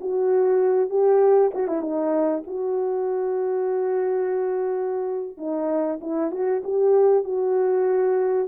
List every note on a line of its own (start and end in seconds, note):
0.00 0.89 F#4
0.89 1.51 G4
1.54 1.67 F#4
1.67 1.81 E4
1.81 2.43 D#4
2.46 5.37 F#4
5.37 5.99 D#4
6.01 6.31 E4
6.31 6.62 F#4
6.64 7.24 G4
7.24 8.48 F#4